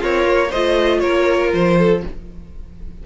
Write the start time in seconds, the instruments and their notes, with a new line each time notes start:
0.00 cello C4, violin F4 C#5, viola A#4
0.25 cello A#3
0.49 cello A3, viola F4, violin C5 D#5
1.00 cello A#3, violin A#4 C#5
1.53 cello F3, violin C5
1.78 violin A4